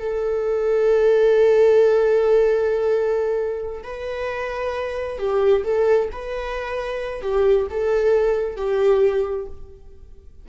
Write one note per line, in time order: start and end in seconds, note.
0.00 3.83 A4
3.84 5.19 B4
5.19 5.64 G4
5.64 6.09 A4
6.12 7.22 B4
7.22 7.67 G4
7.70 8.57 A4
8.57 9.47 G4